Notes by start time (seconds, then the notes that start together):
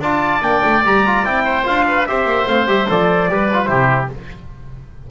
0.00 D4 F4 D5 A5
0.42 A#3 D4 G5
0.65 A3
0.84 G3 G4 A#5
1.06 F4
1.25 C4 E4 G5
1.45 C5
1.64 D4 F4 F5
1.88 B4
2.07 C4 G4 C5 E5
2.25 A#3
2.47 A3 C4 F5
2.67 G3 G4 E5
2.89 F3 A4 D5
3.29 G3 G4 B4
3.54 F4
3.65 C3 E4 G4 C5